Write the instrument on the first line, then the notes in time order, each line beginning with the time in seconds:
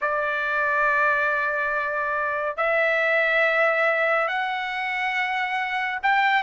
trumpet
0.01 D5
2.56 E5
4.27 F#5
6.02 G5